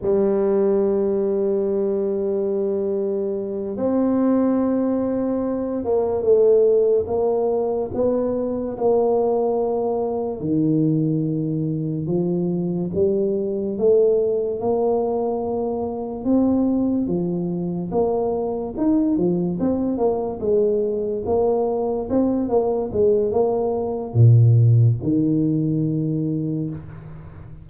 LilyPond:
\new Staff \with { instrumentName = "tuba" } { \time 4/4 \tempo 4 = 72 g1~ | g8 c'2~ c'8 ais8 a8~ | a8 ais4 b4 ais4.~ | ais8 dis2 f4 g8~ |
g8 a4 ais2 c'8~ | c'8 f4 ais4 dis'8 f8 c'8 | ais8 gis4 ais4 c'8 ais8 gis8 | ais4 ais,4 dis2 | }